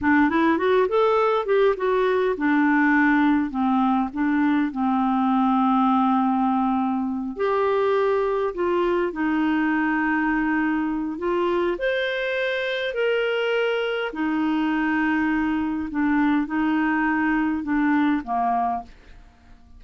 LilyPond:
\new Staff \with { instrumentName = "clarinet" } { \time 4/4 \tempo 4 = 102 d'8 e'8 fis'8 a'4 g'8 fis'4 | d'2 c'4 d'4 | c'1~ | c'8 g'2 f'4 dis'8~ |
dis'2. f'4 | c''2 ais'2 | dis'2. d'4 | dis'2 d'4 ais4 | }